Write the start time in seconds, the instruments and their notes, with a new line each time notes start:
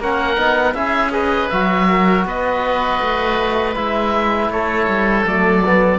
0.00 cello A#3, trombone C#4, oboe A#4 F#5
0.38 cello B3, trombone D#4
0.75 cello C#4, trombone E4, oboe G#4 E5
1.12 trombone G#4, oboe B4 D#5
1.50 cello F#3, trombone F#4, oboe E5
1.89 oboe A#4
2.25 cello B3, oboe B4 D#5
3.01 cello A3
3.75 cello G#3, trombone E4, oboe E5
4.50 cello A3, oboe A4 C#5
4.88 cello G3
5.26 cello F#3, trombone A3, oboe D5
5.65 trombone B3